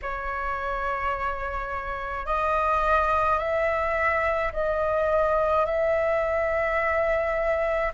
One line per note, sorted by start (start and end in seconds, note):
0.02 2.25 C#5
2.25 3.38 D#5
3.38 4.51 E5
4.53 5.66 D#5
5.66 7.92 E5